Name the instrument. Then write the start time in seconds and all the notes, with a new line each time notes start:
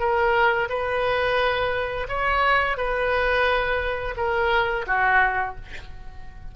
oboe
0.00 A#4
0.69 B4
2.09 C#5
2.77 B4
4.17 A#4
4.87 F#4